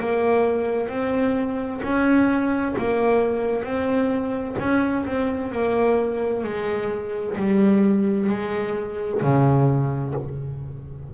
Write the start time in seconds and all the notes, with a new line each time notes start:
0.00 A#3
0.89 C4
1.83 C#4
2.78 A#3
3.63 C4
4.59 C#4
5.06 C4
5.52 A#3
6.44 G#3
7.37 G3
8.29 G#3
9.22 C#3